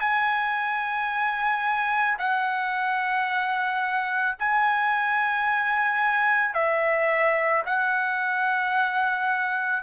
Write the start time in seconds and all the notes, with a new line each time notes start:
0.00 G#5
2.19 F#5
4.39 G#5
6.54 E5
7.66 F#5